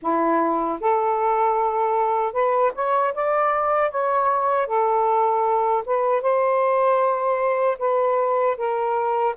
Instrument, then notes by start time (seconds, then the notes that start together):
saxophone
0.02 E4
0.80 A4
2.32 B4
2.74 C#5
3.14 D5
3.91 C#5
4.66 A4
5.85 B4
6.21 C5
7.79 B4
8.57 A#4